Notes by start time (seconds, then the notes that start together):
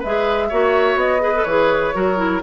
0.00 G#3 G#4 B4 E5
0.49 A#3 F#4 C#5
0.96 B3 D#5
1.21 G#4 B4
1.35 A4
1.44 E3 G#4 C#5
1.94 F#3 F#4 A#4
2.17 E4